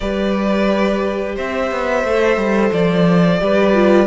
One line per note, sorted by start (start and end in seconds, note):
0.00 1.37 G3
0.00 2.05 G4
0.00 1.35 B4
0.00 1.35 D5
1.35 1.71 C4
1.35 3.40 C5
1.35 2.72 E5
1.71 2.04 B3
2.04 2.36 A3
2.04 3.40 A4
2.36 2.70 G3
2.72 3.40 F3
2.72 4.07 D5
3.40 4.07 G3
3.40 3.74 G4
3.40 4.07 B4
3.74 4.07 F4